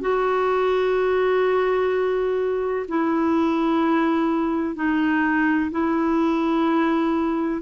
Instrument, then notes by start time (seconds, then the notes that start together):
clarinet
0.00 F#4
2.88 E4
4.75 D#4
5.71 E4